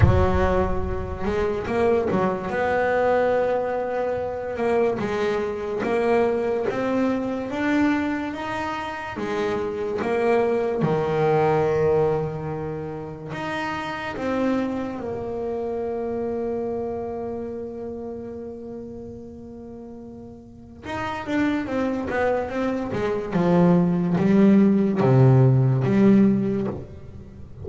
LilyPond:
\new Staff \with { instrumentName = "double bass" } { \time 4/4 \tempo 4 = 72 fis4. gis8 ais8 fis8 b4~ | b4. ais8 gis4 ais4 | c'4 d'4 dis'4 gis4 | ais4 dis2. |
dis'4 c'4 ais2~ | ais1~ | ais4 dis'8 d'8 c'8 b8 c'8 gis8 | f4 g4 c4 g4 | }